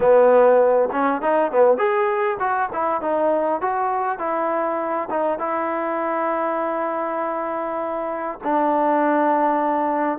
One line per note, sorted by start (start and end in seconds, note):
0.00 0.89 B3
0.92 1.21 C#4
1.21 1.51 D#4
1.51 1.77 B3
1.77 2.37 G#4
2.39 2.69 F#4
2.72 3.01 E4
3.01 3.61 D#4
3.61 4.18 F#4
4.18 5.08 E4
5.10 5.38 D#4
5.38 8.38 E4
8.43 10.18 D4